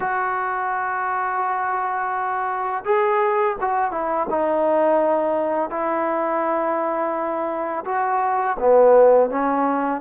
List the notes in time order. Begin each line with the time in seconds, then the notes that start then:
0.00 F#4
2.84 G#4
3.60 F#4
3.91 E4
4.30 D#4
5.69 E4
7.85 F#4
8.59 B3
9.30 C#4